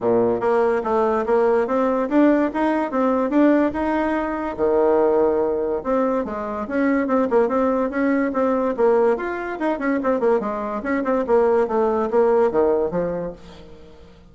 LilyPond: \new Staff \with { instrumentName = "bassoon" } { \time 4/4 \tempo 4 = 144 ais,4 ais4 a4 ais4 | c'4 d'4 dis'4 c'4 | d'4 dis'2 dis4~ | dis2 c'4 gis4 |
cis'4 c'8 ais8 c'4 cis'4 | c'4 ais4 f'4 dis'8 cis'8 | c'8 ais8 gis4 cis'8 c'8 ais4 | a4 ais4 dis4 f4 | }